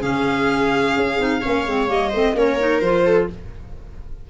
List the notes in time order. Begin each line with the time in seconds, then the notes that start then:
0.00 C#3 C#4 G#4 F5
0.97 C#4
1.18 C4 D#4
1.41 A#3 C#4 C#5
1.66 G#3 C4
1.87 G3 A#3 D#5
2.10 A3 C4 C5
2.34 A#3 C#4 A#4 C#5
2.59 D#4
2.80 F3 F4 C5
3.05 A4